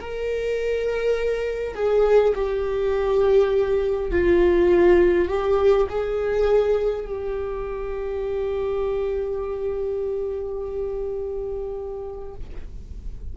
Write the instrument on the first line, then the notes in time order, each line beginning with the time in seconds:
viola
0.00 A#4
1.74 G#4
2.35 G4
4.11 F4
5.28 G4
5.89 G#4
7.05 G4